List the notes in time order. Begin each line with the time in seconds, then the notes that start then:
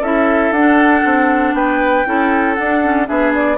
0.00 C#4 E4 A4 E5
0.51 D4 F#5
1.05 C4
1.53 B3 B4 G5
2.05 C#4 E4 A4
2.54 D4 F#5
2.84 C#4
3.06 B3 D4 G#4 E5
3.34 D5